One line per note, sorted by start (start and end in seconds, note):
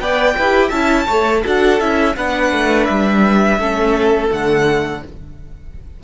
0.00 0.36 B3
0.00 0.36 B4
0.00 0.36 D5
0.00 0.70 G5
0.36 0.71 E4
0.36 0.72 G4
0.36 0.68 B4
0.68 1.07 C#4
0.68 1.08 E4
0.68 1.04 E5
0.68 1.42 A5
1.06 1.44 A3
1.06 1.44 A4
1.06 1.42 C#5
1.42 1.80 D4
1.42 1.80 F#4
1.42 2.14 A4
1.42 1.80 F#5
1.80 2.16 C#4
1.80 2.16 E4
1.80 2.16 E5
2.16 2.52 B3
2.16 3.60 D4
2.16 3.59 B4
2.16 2.85 F#5
2.52 2.88 A3
2.85 3.58 G3
2.85 4.28 E5
3.58 4.30 A3
3.58 4.30 C#4
3.58 5.02 A4
4.30 5.03 D3
4.30 5.01 A3
4.30 5.03 F#5